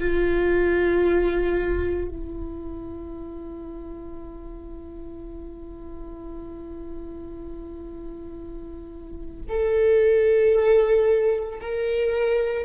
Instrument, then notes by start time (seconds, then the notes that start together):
viola
0.00 F4
2.09 E4
9.49 A4
11.61 A#4